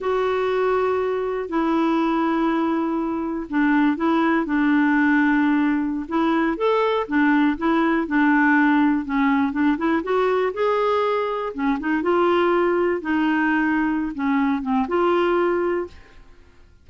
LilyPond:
\new Staff \with { instrumentName = "clarinet" } { \time 4/4 \tempo 4 = 121 fis'2. e'4~ | e'2. d'4 | e'4 d'2.~ | d'16 e'4 a'4 d'4 e'8.~ |
e'16 d'2 cis'4 d'8 e'16~ | e'16 fis'4 gis'2 cis'8 dis'16~ | dis'16 f'2 dis'4.~ dis'16~ | dis'8 cis'4 c'8 f'2 | }